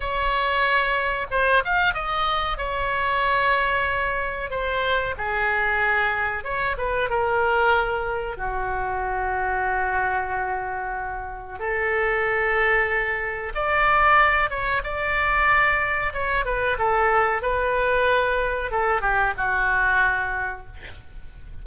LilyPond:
\new Staff \with { instrumentName = "oboe" } { \time 4/4 \tempo 4 = 93 cis''2 c''8 f''8 dis''4 | cis''2. c''4 | gis'2 cis''8 b'8 ais'4~ | ais'4 fis'2.~ |
fis'2 a'2~ | a'4 d''4. cis''8 d''4~ | d''4 cis''8 b'8 a'4 b'4~ | b'4 a'8 g'8 fis'2 | }